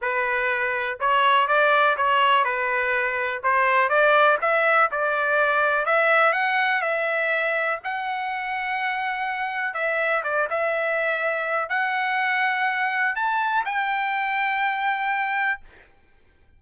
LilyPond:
\new Staff \with { instrumentName = "trumpet" } { \time 4/4 \tempo 4 = 123 b'2 cis''4 d''4 | cis''4 b'2 c''4 | d''4 e''4 d''2 | e''4 fis''4 e''2 |
fis''1 | e''4 d''8 e''2~ e''8 | fis''2. a''4 | g''1 | }